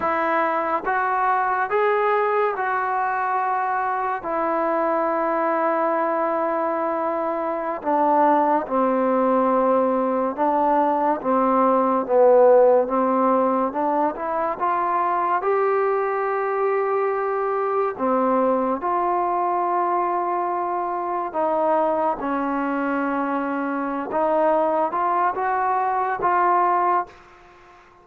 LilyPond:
\new Staff \with { instrumentName = "trombone" } { \time 4/4 \tempo 4 = 71 e'4 fis'4 gis'4 fis'4~ | fis'4 e'2.~ | e'4~ e'16 d'4 c'4.~ c'16~ | c'16 d'4 c'4 b4 c'8.~ |
c'16 d'8 e'8 f'4 g'4.~ g'16~ | g'4~ g'16 c'4 f'4.~ f'16~ | f'4~ f'16 dis'4 cis'4.~ cis'16~ | cis'8 dis'4 f'8 fis'4 f'4 | }